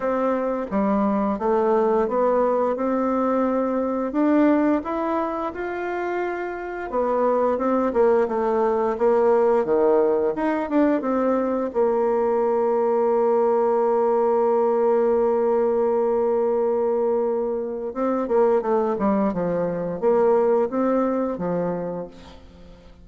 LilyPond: \new Staff \with { instrumentName = "bassoon" } { \time 4/4 \tempo 4 = 87 c'4 g4 a4 b4 | c'2 d'4 e'4 | f'2 b4 c'8 ais8 | a4 ais4 dis4 dis'8 d'8 |
c'4 ais2.~ | ais1~ | ais2 c'8 ais8 a8 g8 | f4 ais4 c'4 f4 | }